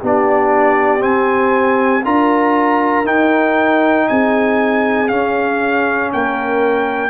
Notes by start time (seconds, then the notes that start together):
0.00 B3 D4 G4 D5
0.99 C4 G#5
2.04 D4 F4 A#4 A#5
3.04 D#4 G5
4.08 C4 G#4 G#5
5.08 C#4 F5
6.12 A#3 A#4 G5